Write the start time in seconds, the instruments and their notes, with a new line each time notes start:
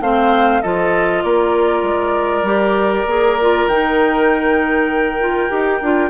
0.00 bassoon A3, clarinet C4, oboe C5, flute F5
0.61 bassoon F3, clarinet F4, oboe A4, flute D#5
1.23 bassoon A#3, oboe A#4, flute D5
1.82 bassoon G#3
2.42 bassoon G3, clarinet G4
3.05 bassoon A#3, clarinet G#4
3.41 clarinet F4
3.67 bassoon D#3, clarinet D#4, flute G5
5.20 clarinet F4
5.49 bassoon D#4, clarinet G4
5.81 bassoon D4, clarinet F4